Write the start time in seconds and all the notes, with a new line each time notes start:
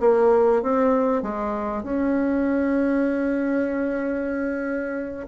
0.00 A#3
0.62 C4
1.23 G#3
1.83 C#4